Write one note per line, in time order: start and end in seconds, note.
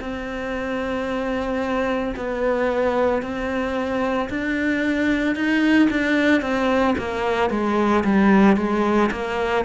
0.00 2.14 C4
2.16 3.22 B3
3.22 4.29 C4
4.29 5.35 D4
5.35 5.88 D#4
5.90 6.41 D4
6.41 6.94 C4
6.98 7.50 A#3
7.50 8.04 G#3
8.04 8.56 G3
8.56 9.10 G#3
9.11 9.65 A#3